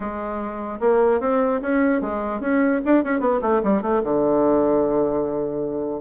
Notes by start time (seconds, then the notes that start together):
0.00 G#3
0.80 A#3
1.20 C4
1.61 C#4
2.01 G#3
2.40 C#4
2.85 D4
3.04 C#4
3.20 B3
3.41 A3
3.63 G3
3.81 A3
4.03 D3